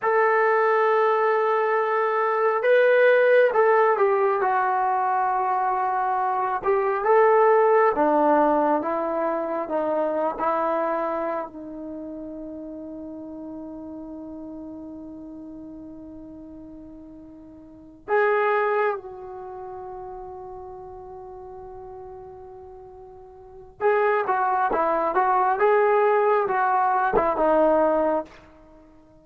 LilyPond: \new Staff \with { instrumentName = "trombone" } { \time 4/4 \tempo 4 = 68 a'2. b'4 | a'8 g'8 fis'2~ fis'8 g'8 | a'4 d'4 e'4 dis'8. e'16~ | e'4 dis'2.~ |
dis'1~ | dis'8 gis'4 fis'2~ fis'8~ | fis'2. gis'8 fis'8 | e'8 fis'8 gis'4 fis'8. e'16 dis'4 | }